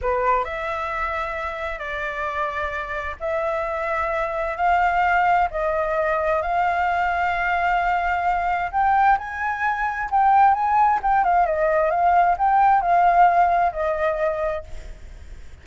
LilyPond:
\new Staff \with { instrumentName = "flute" } { \time 4/4 \tempo 4 = 131 b'4 e''2. | d''2. e''4~ | e''2 f''2 | dis''2 f''2~ |
f''2. g''4 | gis''2 g''4 gis''4 | g''8 f''8 dis''4 f''4 g''4 | f''2 dis''2 | }